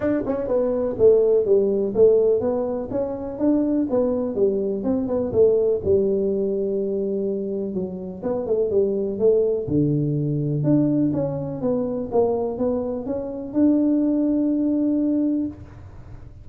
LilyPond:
\new Staff \with { instrumentName = "tuba" } { \time 4/4 \tempo 4 = 124 d'8 cis'8 b4 a4 g4 | a4 b4 cis'4 d'4 | b4 g4 c'8 b8 a4 | g1 |
fis4 b8 a8 g4 a4 | d2 d'4 cis'4 | b4 ais4 b4 cis'4 | d'1 | }